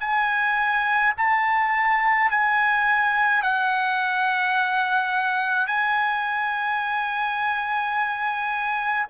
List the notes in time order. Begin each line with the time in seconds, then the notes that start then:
0.00 G#5
1.17 A5
2.31 G#5
3.43 F#5
5.67 G#5